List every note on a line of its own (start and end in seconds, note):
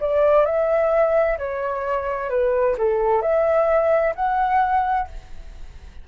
0.00 0.45 D5
0.45 1.38 E5
1.38 2.30 C#5
2.30 2.76 B4
2.78 3.22 A4
3.22 4.14 E5
4.15 5.08 F#5